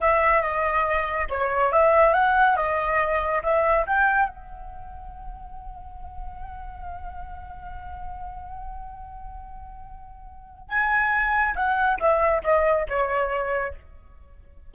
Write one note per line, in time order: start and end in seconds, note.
0.00 0.42 E5
0.42 1.28 D#5
1.29 1.72 C#5
1.72 2.13 E5
2.13 2.56 F#5
2.56 3.42 D#5
3.42 3.85 E5
3.86 4.28 G5
4.28 10.69 F#5
10.69 11.54 G#5
11.55 11.98 F#5
11.99 12.42 E5
12.43 12.86 D#5
12.88 13.74 C#5